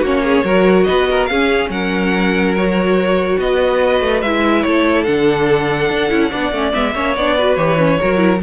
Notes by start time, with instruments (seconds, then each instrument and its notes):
0.00 cello A#3, viola C#4, violin F#4 C#5
0.23 violin G#4
0.44 cello F#3, viola F#4, violin A#4
0.84 cello B3, violin B4 D#5
1.10 violin A#4
1.26 cello C#4, violin G#4 F5
1.32 viola C#4
1.69 cello F#3, violin A#4 F#5
2.55 viola F#4, violin C#5
3.38 cello B3, violin B4 D#5
4.01 cello A3
4.21 cello G#3, viola E4, violin E5
4.62 cello A3, violin A4 C#5
5.03 cello D3, viola D4, violin F#5
5.90 cello D4
6.09 cello C#4, viola E4
6.30 cello B3, viola D4, violin D5
6.51 cello A3, viola C#4
6.73 cello G#3, viola B3, violin E5
6.94 cello A#3, viola C#4, violin C#5
7.16 cello B3, viola D4, violin D5
7.36 viola F#4, violin B4
7.55 cello E3, viola G4, violin C#5
7.78 viola C#4
8.01 cello F#3, viola F#4, violin A#4
8.17 viola E4